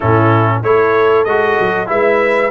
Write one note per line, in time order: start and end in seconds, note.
0.00 0.62 A2
0.00 0.63 C#4
0.00 0.63 E4
0.00 0.62 A4
0.62 1.25 A3
0.62 1.26 E4
0.62 1.89 A4
0.62 1.24 C#5
1.24 1.57 G#3
1.24 1.86 F#4
1.24 1.87 D#5
1.59 1.89 F#3
1.86 2.50 G#3
1.86 2.49 E4
1.86 2.50 B4
1.86 2.50 E5